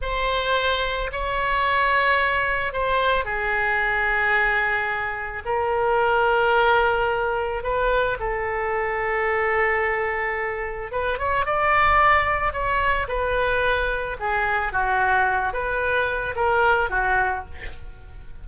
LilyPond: \new Staff \with { instrumentName = "oboe" } { \time 4/4 \tempo 4 = 110 c''2 cis''2~ | cis''4 c''4 gis'2~ | gis'2 ais'2~ | ais'2 b'4 a'4~ |
a'1 | b'8 cis''8 d''2 cis''4 | b'2 gis'4 fis'4~ | fis'8 b'4. ais'4 fis'4 | }